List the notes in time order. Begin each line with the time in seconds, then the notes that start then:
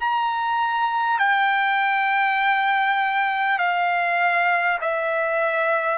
0.00 A#5
1.19 G5
3.58 F5
4.81 E5